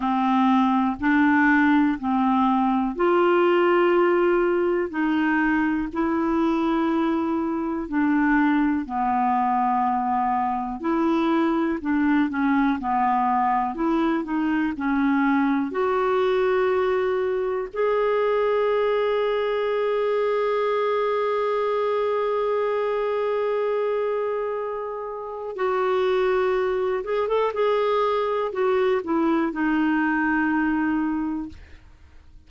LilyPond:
\new Staff \with { instrumentName = "clarinet" } { \time 4/4 \tempo 4 = 61 c'4 d'4 c'4 f'4~ | f'4 dis'4 e'2 | d'4 b2 e'4 | d'8 cis'8 b4 e'8 dis'8 cis'4 |
fis'2 gis'2~ | gis'1~ | gis'2 fis'4. gis'16 a'16 | gis'4 fis'8 e'8 dis'2 | }